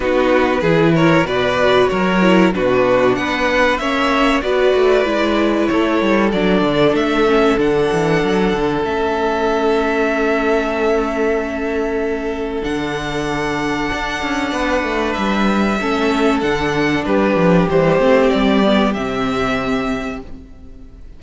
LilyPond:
<<
  \new Staff \with { instrumentName = "violin" } { \time 4/4 \tempo 4 = 95 b'4. cis''8 d''4 cis''4 | b'4 fis''4 e''4 d''4~ | d''4 cis''4 d''4 e''4 | fis''2 e''2~ |
e''1 | fis''1 | e''2 fis''4 b'4 | c''4 d''4 e''2 | }
  \new Staff \with { instrumentName = "violin" } { \time 4/4 fis'4 gis'8 ais'8 b'4 ais'4 | fis'4 b'4 cis''4 b'4~ | b'4 a'2.~ | a'1~ |
a'1~ | a'2. b'4~ | b'4 a'2 g'4~ | g'1 | }
  \new Staff \with { instrumentName = "viola" } { \time 4/4 dis'4 e'4 fis'4. e'8 | d'2 cis'4 fis'4 | e'2 d'4. cis'8 | d'2 cis'2~ |
cis'1 | d'1~ | d'4 cis'4 d'2 | g8 c'4 b8 c'2 | }
  \new Staff \with { instrumentName = "cello" } { \time 4/4 b4 e4 b,4 fis4 | b,4 b4 ais4 b8 a8 | gis4 a8 g8 fis8 d8 a4 | d8 e8 fis8 d8 a2~ |
a1 | d2 d'8 cis'8 b8 a8 | g4 a4 d4 g8 f8 | e8 a8 g4 c2 | }
>>